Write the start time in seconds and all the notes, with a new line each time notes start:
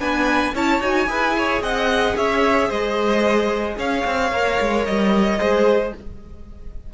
0.00 B3 D4 B4 G#5
0.54 C#4 E4 C#5 A5
0.80 D#4 F#4 G#5
1.07 E4 G#4 B4
1.38 C#5
1.61 C4 D#5 F#5
2.16 C#4 C#5 E5
2.69 G#3 C5 D#5
3.77 C#4 C#5 F5
4.05 C4
4.32 A#3 A#4
4.60 G#3
4.85 G3 D#5
5.39 G#3 G#4 C5